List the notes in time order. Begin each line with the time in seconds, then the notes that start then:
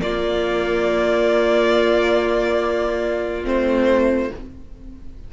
0.00 A#3 F4 D5
3.44 A3 C4 C5